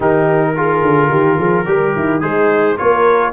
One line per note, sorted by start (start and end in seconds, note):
0.00 0.81 D#3
0.00 0.56 D#4
0.00 0.54 G4
0.00 2.21 A#4
0.56 1.65 F4
0.56 1.11 G#4
0.81 1.09 D3
1.10 1.37 D#3
1.10 1.37 G4
1.37 1.66 F3
1.37 1.65 G#4
1.65 1.95 G3
1.65 2.20 G4
1.65 1.95 A#4
1.96 2.21 D#3
1.96 2.21 E4
2.20 2.77 G#3
2.20 2.77 D#4
2.20 2.76 G#4
2.20 2.77 C5
2.77 3.32 A#3
2.77 3.32 F4
2.77 3.32 A#4
2.77 3.32 C#5